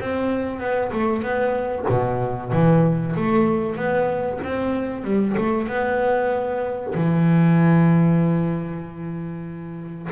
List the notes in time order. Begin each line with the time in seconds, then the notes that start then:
0.00 C4
0.60 B3
0.92 A3
1.22 B3
1.89 B2
2.52 E3
3.16 A3
3.76 B3
4.44 C4
5.04 G3
5.37 A3
5.68 B3
6.94 E3